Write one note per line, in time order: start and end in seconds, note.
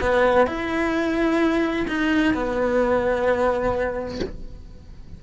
0.00 0.46 B3
0.46 1.86 E4
1.87 2.34 D#4
2.34 4.20 B3